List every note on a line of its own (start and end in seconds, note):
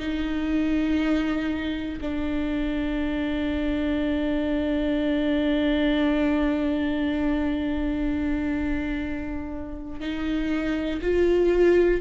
0.00 2.00 D#4
2.01 10.01 D4
10.01 11.01 D#4
11.02 12.01 F4